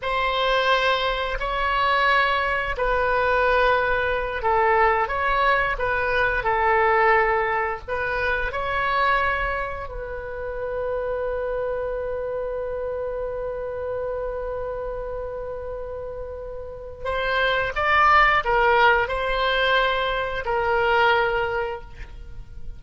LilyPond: \new Staff \with { instrumentName = "oboe" } { \time 4/4 \tempo 4 = 88 c''2 cis''2 | b'2~ b'8 a'4 cis''8~ | cis''8 b'4 a'2 b'8~ | b'8 cis''2 b'4.~ |
b'1~ | b'1~ | b'4 c''4 d''4 ais'4 | c''2 ais'2 | }